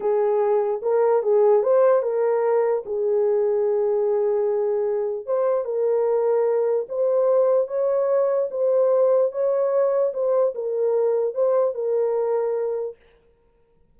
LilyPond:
\new Staff \with { instrumentName = "horn" } { \time 4/4 \tempo 4 = 148 gis'2 ais'4 gis'4 | c''4 ais'2 gis'4~ | gis'1~ | gis'4 c''4 ais'2~ |
ais'4 c''2 cis''4~ | cis''4 c''2 cis''4~ | cis''4 c''4 ais'2 | c''4 ais'2. | }